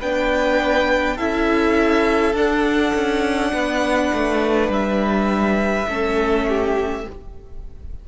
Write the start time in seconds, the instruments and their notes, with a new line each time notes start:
0.00 cello B3, viola D4, violin B4 G5
1.16 cello C#4, viola E4, violin A4 E5
2.34 cello D4, viola D4, violin F#5
2.94 cello C#4
3.53 cello B3, violin B4
4.13 cello A3
4.69 cello G3, violin E5
5.88 cello A3, viola C#4, violin A4
6.48 violin G4